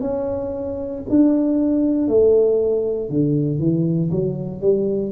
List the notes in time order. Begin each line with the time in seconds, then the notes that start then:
0.00 C#4
1.09 D4
2.08 A3
3.09 D3
3.59 E3
4.10 F#3
4.61 G3